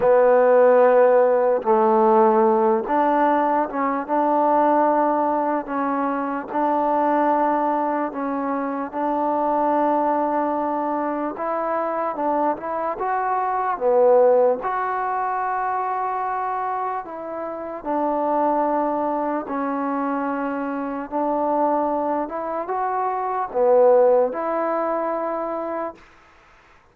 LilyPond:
\new Staff \with { instrumentName = "trombone" } { \time 4/4 \tempo 4 = 74 b2 a4. d'8~ | d'8 cis'8 d'2 cis'4 | d'2 cis'4 d'4~ | d'2 e'4 d'8 e'8 |
fis'4 b4 fis'2~ | fis'4 e'4 d'2 | cis'2 d'4. e'8 | fis'4 b4 e'2 | }